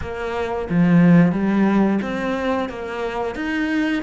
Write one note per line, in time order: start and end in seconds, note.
0.01 0.68 A#3
0.69 1.31 F3
1.31 1.99 G3
2.02 2.69 C4
2.69 3.35 A#3
3.35 4.02 D#4